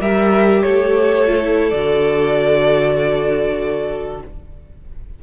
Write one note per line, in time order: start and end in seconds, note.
0.00 0.62 G3
0.00 1.26 G4
0.00 0.63 A#4
0.00 0.62 E5
0.62 1.72 A3
0.62 4.23 A4
0.62 1.69 C#5
1.26 1.41 F4
1.41 1.72 E4
1.69 4.22 D3
1.69 4.23 F#4
1.69 4.19 D5